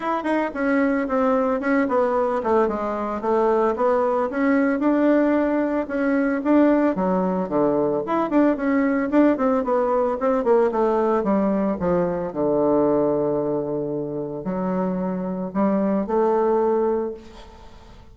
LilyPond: \new Staff \with { instrumentName = "bassoon" } { \time 4/4 \tempo 4 = 112 e'8 dis'8 cis'4 c'4 cis'8 b8~ | b8 a8 gis4 a4 b4 | cis'4 d'2 cis'4 | d'4 fis4 d4 e'8 d'8 |
cis'4 d'8 c'8 b4 c'8 ais8 | a4 g4 f4 d4~ | d2. fis4~ | fis4 g4 a2 | }